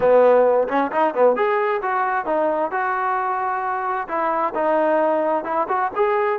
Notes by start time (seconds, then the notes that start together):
0.00 B3
0.68 C#4
0.91 D#4
1.14 B3
1.36 G#4
1.82 F#4
2.25 D#4
2.71 F#4
4.08 E4
4.54 D#4
5.44 E4
5.68 F#4
5.95 G#4